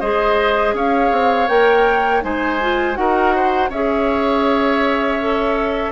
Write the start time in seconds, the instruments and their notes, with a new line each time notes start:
0.00 bassoon G#3, clarinet G#4, oboe C5, flute D#5
0.73 bassoon C#4, oboe C#5, flute F5
1.11 bassoon C4
1.48 bassoon A#3, clarinet A#4, flute G5
2.21 bassoon G#3, clarinet D#4, oboe C5, flute G#5
2.61 clarinet F4
2.94 bassoon D#4, clarinet F#4, oboe A#4, flute F#5
3.35 oboe C5
3.69 bassoon C#4, clarinet G#4, oboe C#5, flute E5
5.20 clarinet A4